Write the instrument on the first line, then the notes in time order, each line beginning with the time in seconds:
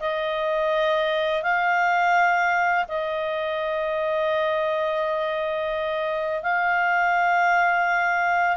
clarinet
0.00 D#5
1.43 F5
2.88 D#5
6.43 F5